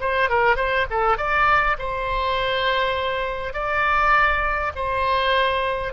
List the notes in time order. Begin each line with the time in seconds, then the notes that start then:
0.00 C5
0.29 A#4
0.56 C5
0.90 A4
1.17 D5
1.78 C5
3.53 D5
4.75 C5